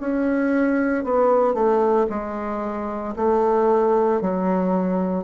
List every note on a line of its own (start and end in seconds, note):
0.00 1.04 C#4
1.04 1.54 B3
1.54 2.06 A3
2.10 3.15 G#3
3.16 4.21 A3
4.21 5.24 F#3